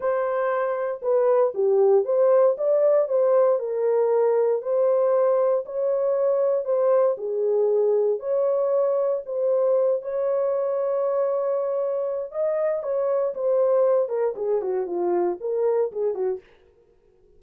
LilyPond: \new Staff \with { instrumentName = "horn" } { \time 4/4 \tempo 4 = 117 c''2 b'4 g'4 | c''4 d''4 c''4 ais'4~ | ais'4 c''2 cis''4~ | cis''4 c''4 gis'2 |
cis''2 c''4. cis''8~ | cis''1 | dis''4 cis''4 c''4. ais'8 | gis'8 fis'8 f'4 ais'4 gis'8 fis'8 | }